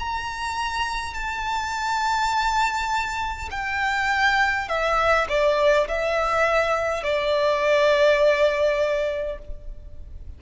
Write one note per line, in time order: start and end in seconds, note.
0.00 1.14 A#5
1.14 3.50 A5
3.51 4.69 G5
4.69 5.28 E5
5.29 5.88 D5
5.89 7.04 E5
7.04 9.39 D5